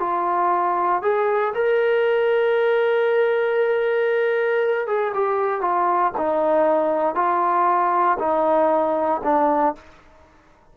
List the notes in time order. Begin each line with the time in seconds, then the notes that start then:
0.00 F4
1.03 G#4
1.55 A#4
4.88 G#4
5.15 G4
5.61 F4
6.18 D#4
7.16 F4
8.19 D#4
9.24 D4